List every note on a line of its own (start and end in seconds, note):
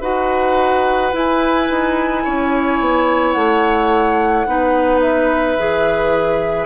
0.00 1.11 D#4
0.00 1.12 F#4
0.00 2.22 B4
0.00 1.13 F#5
1.12 4.46 E4
1.12 1.69 E4
1.12 3.32 G#5
1.69 2.25 D#4
2.24 2.79 C#4
2.24 4.46 C#5
2.79 3.34 B3
3.32 4.46 A3
3.32 4.99 F#5
4.46 5.57 B3
4.46 5.57 D#4
4.46 6.66 B4
5.01 6.66 E5
5.58 6.66 E3
5.58 6.66 G#4